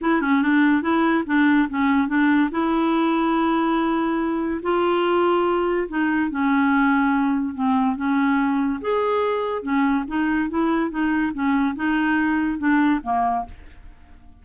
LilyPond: \new Staff \with { instrumentName = "clarinet" } { \time 4/4 \tempo 4 = 143 e'8 cis'8 d'4 e'4 d'4 | cis'4 d'4 e'2~ | e'2. f'4~ | f'2 dis'4 cis'4~ |
cis'2 c'4 cis'4~ | cis'4 gis'2 cis'4 | dis'4 e'4 dis'4 cis'4 | dis'2 d'4 ais4 | }